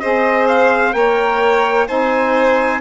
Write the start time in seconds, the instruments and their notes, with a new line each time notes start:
0.00 bassoon C4, saxophone G#4, violin C5, trumpet D#5
0.48 trumpet F5
0.93 bassoon A#3, saxophone A#4, violin C#5, trumpet G5
1.88 bassoon C4, saxophone D#4, violin C5, trumpet G#5